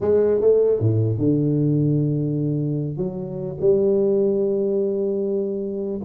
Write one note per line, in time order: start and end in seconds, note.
0.00 0.40 G#3
0.40 0.80 A3
0.80 1.17 A2
1.17 2.97 D3
2.97 3.57 F#3
3.60 6.00 G3